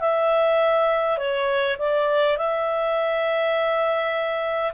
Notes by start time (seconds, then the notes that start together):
0.00 E5
1.18 C#5
1.78 D5
2.37 E5